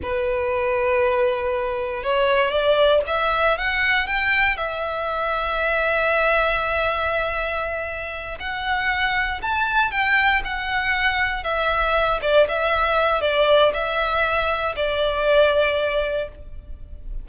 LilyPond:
\new Staff \with { instrumentName = "violin" } { \time 4/4 \tempo 4 = 118 b'1 | cis''4 d''4 e''4 fis''4 | g''4 e''2.~ | e''1~ |
e''8 fis''2 a''4 g''8~ | g''8 fis''2 e''4. | d''8 e''4. d''4 e''4~ | e''4 d''2. | }